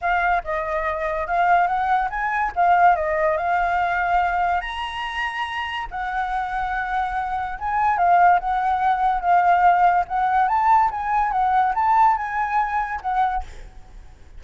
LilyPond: \new Staff \with { instrumentName = "flute" } { \time 4/4 \tempo 4 = 143 f''4 dis''2 f''4 | fis''4 gis''4 f''4 dis''4 | f''2. ais''4~ | ais''2 fis''2~ |
fis''2 gis''4 f''4 | fis''2 f''2 | fis''4 a''4 gis''4 fis''4 | a''4 gis''2 fis''4 | }